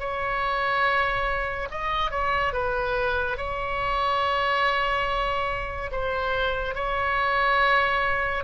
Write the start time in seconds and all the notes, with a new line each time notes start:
0.00 C#5
1.71 D#5
2.11 C#5
2.54 B4
3.38 C#5
5.92 C5
6.75 C#5